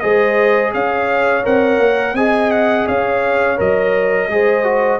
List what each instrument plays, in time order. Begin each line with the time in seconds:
0.00 tuba G#3, trombone G#4, horn C5, trumpet D#5
0.74 tuba C#4, horn C#5, trumpet F5
1.43 tuba C4, trombone A#4, trumpet F#5
1.79 tuba A#3
2.14 tuba C4, trombone G#4, horn D#5, trumpet G#5
2.51 trumpet F#5
2.87 tuba C#4, horn C#5, trumpet F5
3.57 tuba F#3, trombone A#4, trumpet D#5
4.28 tuba G#3, trombone G#4, horn C5
4.64 trombone F#4